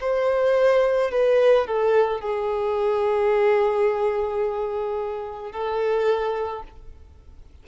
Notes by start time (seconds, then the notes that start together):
0.00 C5
1.11 B4
1.67 A4
2.20 G#4
5.52 A4